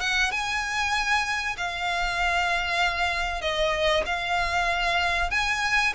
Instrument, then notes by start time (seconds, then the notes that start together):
violin
0.00 F#5
0.31 G#5
1.57 F5
3.41 D#5
4.06 F5
5.31 G#5